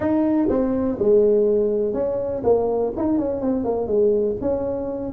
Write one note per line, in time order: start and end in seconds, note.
0.00 0.48 D#4
0.49 0.98 C4
0.99 1.93 G#3
1.93 2.42 C#4
2.43 2.92 A#3
2.96 3.18 D#4
3.18 3.41 C#4
3.41 3.64 C4
3.64 3.87 A#3
3.87 4.36 G#3
4.41 5.12 C#4